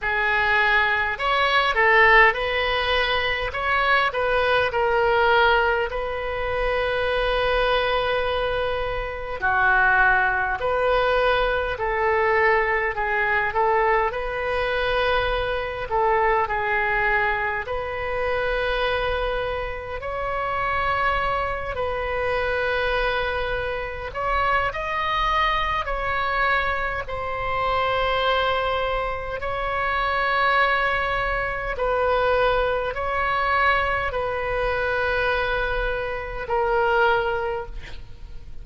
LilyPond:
\new Staff \with { instrumentName = "oboe" } { \time 4/4 \tempo 4 = 51 gis'4 cis''8 a'8 b'4 cis''8 b'8 | ais'4 b'2. | fis'4 b'4 a'4 gis'8 a'8 | b'4. a'8 gis'4 b'4~ |
b'4 cis''4. b'4.~ | b'8 cis''8 dis''4 cis''4 c''4~ | c''4 cis''2 b'4 | cis''4 b'2 ais'4 | }